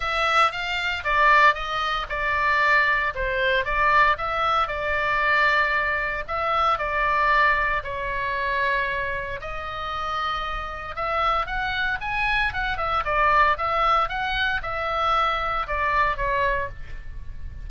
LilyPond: \new Staff \with { instrumentName = "oboe" } { \time 4/4 \tempo 4 = 115 e''4 f''4 d''4 dis''4 | d''2 c''4 d''4 | e''4 d''2. | e''4 d''2 cis''4~ |
cis''2 dis''2~ | dis''4 e''4 fis''4 gis''4 | fis''8 e''8 d''4 e''4 fis''4 | e''2 d''4 cis''4 | }